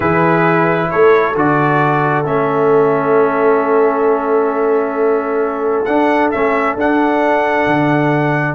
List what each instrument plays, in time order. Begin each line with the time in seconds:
0.00 tuba E3, trombone E4, horn G#4, trumpet B4
0.90 tuba A3, horn A4, trumpet C#5
1.35 tuba D3, trombone F#4, trumpet D5
2.24 tuba A3, trombone C#4, trumpet E5
5.85 tuba D4, trombone D4, trumpet F#5
6.31 tuba A3, trombone C#4, trumpet E5
6.75 tuba D4, trombone D4, trumpet F#5
7.67 tuba D3